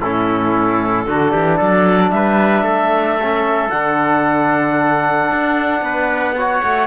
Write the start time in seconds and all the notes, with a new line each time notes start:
0.00 A2 C#4 E4 A4
1.06 D3 D4 F#4
1.32 E3 G4
1.57 F#3 A4 D5
2.10 G3 B4 E5
2.62 A3 A4
3.22 C#4
3.69 D3 D4 F#5
5.31 D4
5.81 B3 B4
6.37 F#4 C#5
6.63 A3